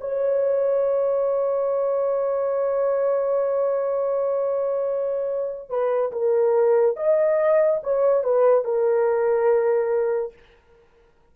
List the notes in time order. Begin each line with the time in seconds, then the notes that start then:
0.00 C#5
5.69 B4
6.12 A#4
6.96 D#5
7.83 C#5
8.23 B4
8.64 A#4